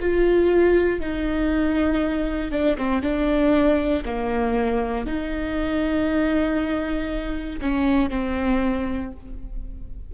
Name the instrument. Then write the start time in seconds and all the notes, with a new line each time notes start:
viola
0.00 F4
1.00 D#4
2.51 D4
2.77 C4
3.02 D4
4.05 A#3
5.06 D#4
7.61 C#4
8.09 C4